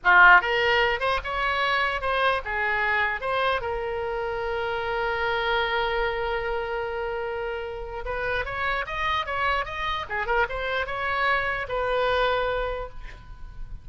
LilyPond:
\new Staff \with { instrumentName = "oboe" } { \time 4/4 \tempo 4 = 149 f'4 ais'4. c''8 cis''4~ | cis''4 c''4 gis'2 | c''4 ais'2.~ | ais'1~ |
ais'1 | b'4 cis''4 dis''4 cis''4 | dis''4 gis'8 ais'8 c''4 cis''4~ | cis''4 b'2. | }